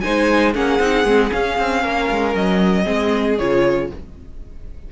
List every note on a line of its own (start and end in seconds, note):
0.00 0.54 D#4
0.00 0.54 C5
0.00 0.52 G#5
0.06 0.55 G#3
0.54 0.79 A#3
0.54 0.80 C#4
0.54 1.81 G#4
0.54 1.32 F#5
0.79 1.05 C4
0.79 1.05 D#4
1.05 1.31 G#3
1.05 1.30 C4
1.30 2.84 C#4
1.30 1.58 C#4
1.30 2.35 F5
1.58 1.84 C4
1.81 2.10 A#3
1.81 2.83 A#4
2.11 2.34 G#3
2.34 2.86 F#3
2.34 3.38 D#5
2.83 3.39 G#3
2.83 3.36 C4
2.83 3.87 G#4
3.38 3.91 C#3
3.38 3.92 F4
3.38 3.90 C#5